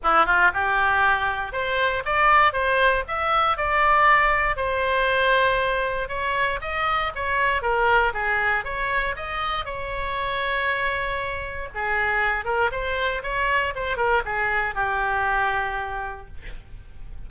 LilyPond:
\new Staff \with { instrumentName = "oboe" } { \time 4/4 \tempo 4 = 118 e'8 f'8 g'2 c''4 | d''4 c''4 e''4 d''4~ | d''4 c''2. | cis''4 dis''4 cis''4 ais'4 |
gis'4 cis''4 dis''4 cis''4~ | cis''2. gis'4~ | gis'8 ais'8 c''4 cis''4 c''8 ais'8 | gis'4 g'2. | }